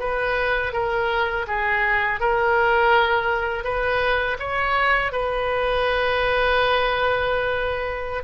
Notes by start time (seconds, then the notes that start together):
0.00 B4
0.73 A#4
1.48 G#4
2.21 A#4
3.64 B4
4.40 C#5
5.13 B4